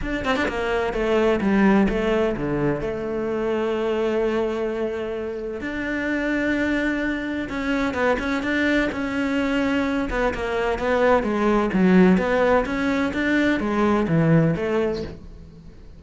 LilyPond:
\new Staff \with { instrumentName = "cello" } { \time 4/4 \tempo 4 = 128 d'8 c'16 d'16 ais4 a4 g4 | a4 d4 a2~ | a1 | d'1 |
cis'4 b8 cis'8 d'4 cis'4~ | cis'4. b8 ais4 b4 | gis4 fis4 b4 cis'4 | d'4 gis4 e4 a4 | }